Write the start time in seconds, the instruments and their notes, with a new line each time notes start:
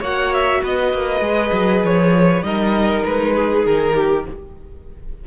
0.00 cello A#3, viola F#4, violin C#5 F#5
0.33 violin E5
0.63 cello B3, violin B4 D#5
0.93 cello A#3
1.20 cello G#3, viola G#4
1.52 cello F#3
1.83 cello F3, violin C#5
2.42 cello G3, viola D#4, violin A#4 D#5
3.06 cello G#3, violin B4
3.35 violin G#4
3.65 cello D#3, violin A#4
3.94 violin G4